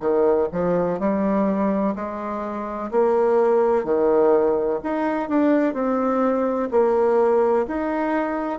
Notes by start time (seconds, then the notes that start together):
0.00 D#3
0.52 F3
0.99 G3
1.95 G#3
2.91 A#3
3.84 D#3
4.83 D#4
5.29 D4
5.73 C4
6.71 A#3
7.67 D#4